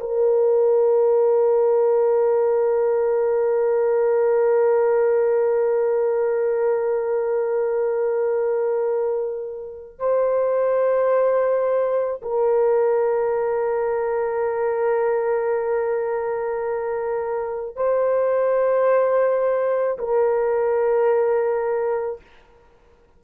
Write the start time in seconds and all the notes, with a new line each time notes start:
0.00 A#4
9.98 C5
12.22 A#4
17.76 C5
19.98 A#4